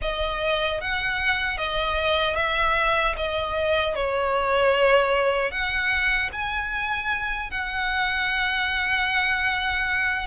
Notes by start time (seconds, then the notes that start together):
0.01 D#5
0.80 F#5
1.57 D#5
2.36 E5
3.16 D#5
3.95 C#5
5.50 F#5
6.32 G#5
7.50 F#5